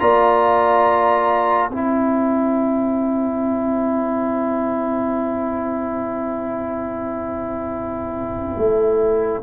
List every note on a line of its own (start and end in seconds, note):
0.00 1.70 A#3
0.00 1.71 F4
0.00 1.72 D5
0.00 1.70 A#5
1.70 8.56 C4
1.70 9.43 E4
1.70 9.43 C5
1.70 9.41 G5
8.58 9.43 A3